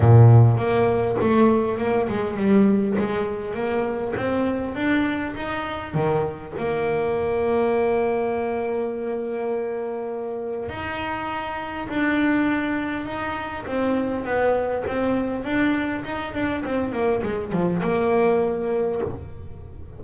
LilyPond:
\new Staff \with { instrumentName = "double bass" } { \time 4/4 \tempo 4 = 101 ais,4 ais4 a4 ais8 gis8 | g4 gis4 ais4 c'4 | d'4 dis'4 dis4 ais4~ | ais1~ |
ais2 dis'2 | d'2 dis'4 c'4 | b4 c'4 d'4 dis'8 d'8 | c'8 ais8 gis8 f8 ais2 | }